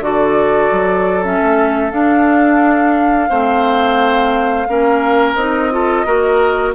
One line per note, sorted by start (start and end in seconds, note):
0.00 0.69 D3
0.00 1.23 F#4
0.00 3.29 A4
0.00 1.24 D5
0.72 1.41 F#3
1.23 1.91 C#4
1.23 1.91 E5
1.42 1.92 A3
1.91 3.29 D4
1.91 3.30 D4
1.91 5.34 F5
3.29 4.68 A3
3.29 4.67 C4
3.29 4.67 C5
4.68 5.35 A#3
4.68 5.36 C#4
4.68 5.73 A#4
5.34 6.04 C4
5.34 5.71 D#4
5.34 6.72 D#5
5.71 6.06 F4
5.71 6.06 A4
6.06 6.75 A#3
6.06 6.75 F#4
6.06 6.75 A#4